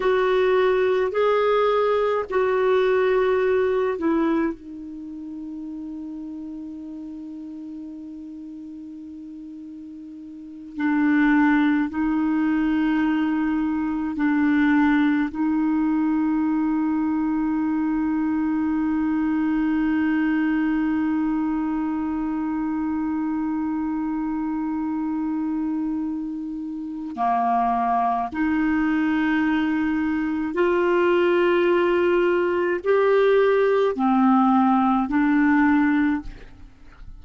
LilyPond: \new Staff \with { instrumentName = "clarinet" } { \time 4/4 \tempo 4 = 53 fis'4 gis'4 fis'4. e'8 | dis'1~ | dis'4. d'4 dis'4.~ | dis'8 d'4 dis'2~ dis'8~ |
dis'1~ | dis'1 | ais4 dis'2 f'4~ | f'4 g'4 c'4 d'4 | }